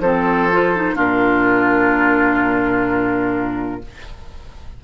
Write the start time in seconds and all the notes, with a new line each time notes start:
0.00 F3 C4 A4 C5
0.53 F4
0.76 D#4
0.95 A#2 D4 F4 A#4